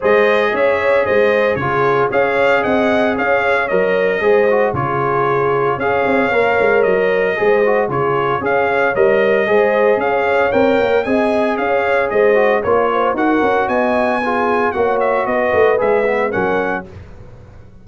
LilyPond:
<<
  \new Staff \with { instrumentName = "trumpet" } { \time 4/4 \tempo 4 = 114 dis''4 e''4 dis''4 cis''4 | f''4 fis''4 f''4 dis''4~ | dis''4 cis''2 f''4~ | f''4 dis''2 cis''4 |
f''4 dis''2 f''4 | g''4 gis''4 f''4 dis''4 | cis''4 fis''4 gis''2 | fis''8 e''8 dis''4 e''4 fis''4 | }
  \new Staff \with { instrumentName = "horn" } { \time 4/4 c''4 cis''4 c''4 gis'4 | cis''4 dis''4 cis''2 | c''4 gis'2 cis''4~ | cis''2 c''4 gis'4 |
cis''2 c''4 cis''4~ | cis''4 dis''4 cis''4 c''4 | cis''8 c''8 ais'4 dis''4 gis'4 | cis''4 b'2 ais'4 | }
  \new Staff \with { instrumentName = "trombone" } { \time 4/4 gis'2. f'4 | gis'2. ais'4 | gis'8 fis'8 f'2 gis'4 | ais'2 gis'8 fis'8 f'4 |
gis'4 ais'4 gis'2 | ais'4 gis'2~ gis'8 fis'8 | f'4 fis'2 f'4 | fis'2 gis'8 b8 cis'4 | }
  \new Staff \with { instrumentName = "tuba" } { \time 4/4 gis4 cis'4 gis4 cis4 | cis'4 c'4 cis'4 fis4 | gis4 cis2 cis'8 c'8 | ais8 gis8 fis4 gis4 cis4 |
cis'4 g4 gis4 cis'4 | c'8 ais8 c'4 cis'4 gis4 | ais4 dis'8 cis'8 b2 | ais4 b8 a8 gis4 fis4 | }
>>